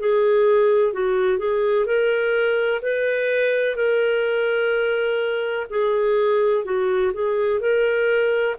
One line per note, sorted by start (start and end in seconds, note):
0.00 0.93 G#4
0.93 1.39 F#4
1.39 1.86 G#4
1.86 2.81 A#4
2.82 3.76 B4
3.76 5.67 A#4
5.70 6.65 G#4
6.65 7.12 F#4
7.13 7.61 G#4
7.61 8.56 A#4